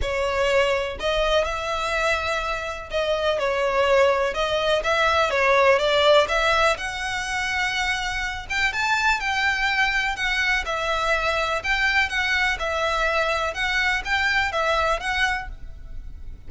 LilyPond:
\new Staff \with { instrumentName = "violin" } { \time 4/4 \tempo 4 = 124 cis''2 dis''4 e''4~ | e''2 dis''4 cis''4~ | cis''4 dis''4 e''4 cis''4 | d''4 e''4 fis''2~ |
fis''4. g''8 a''4 g''4~ | g''4 fis''4 e''2 | g''4 fis''4 e''2 | fis''4 g''4 e''4 fis''4 | }